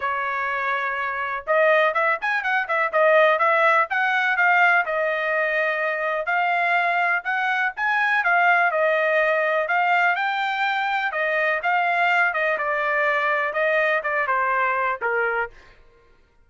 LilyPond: \new Staff \with { instrumentName = "trumpet" } { \time 4/4 \tempo 4 = 124 cis''2. dis''4 | e''8 gis''8 fis''8 e''8 dis''4 e''4 | fis''4 f''4 dis''2~ | dis''4 f''2 fis''4 |
gis''4 f''4 dis''2 | f''4 g''2 dis''4 | f''4. dis''8 d''2 | dis''4 d''8 c''4. ais'4 | }